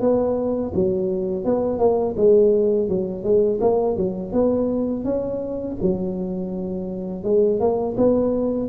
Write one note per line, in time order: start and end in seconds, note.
0.00 0.72 B3
0.74 1.45 F#3
1.45 1.78 B3
1.78 2.15 A#3
2.17 2.88 G#3
2.88 3.23 F#3
3.23 3.59 G#3
3.60 3.97 A#3
3.97 4.32 F#3
4.32 5.04 B3
5.04 5.76 C#4
5.81 7.23 F#3
7.23 7.59 G#3
7.59 7.96 A#3
7.97 8.69 B3